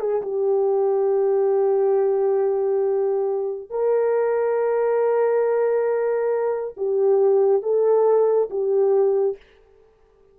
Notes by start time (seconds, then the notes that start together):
0.00 G#4
0.22 G4
3.70 A#4
6.77 G4
7.62 A4
8.50 G4